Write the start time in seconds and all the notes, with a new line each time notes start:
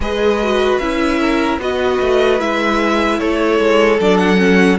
0.00 G#3 G#4 B4 D#5
0.42 F#4
0.78 C#4 E4 E5
1.20 A#4
1.58 B3 F#4 B4 D#5
2.00 A3
2.39 G#3 E4 E5
3.18 A3 A4 C#5
3.59 G#3
4.00 F#3 D4 D5
4.17 F#5
4.36 C#4